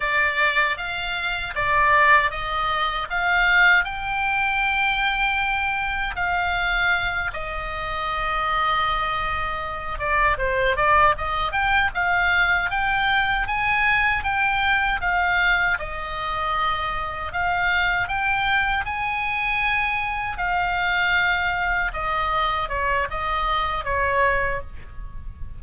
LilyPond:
\new Staff \with { instrumentName = "oboe" } { \time 4/4 \tempo 4 = 78 d''4 f''4 d''4 dis''4 | f''4 g''2. | f''4. dis''2~ dis''8~ | dis''4 d''8 c''8 d''8 dis''8 g''8 f''8~ |
f''8 g''4 gis''4 g''4 f''8~ | f''8 dis''2 f''4 g''8~ | g''8 gis''2 f''4.~ | f''8 dis''4 cis''8 dis''4 cis''4 | }